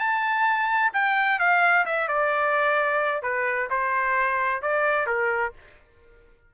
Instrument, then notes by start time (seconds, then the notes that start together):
trumpet
0.00 A5
0.93 G5
1.40 F5
1.86 E5
2.08 D5
3.23 B4
3.70 C5
4.62 D5
5.07 A#4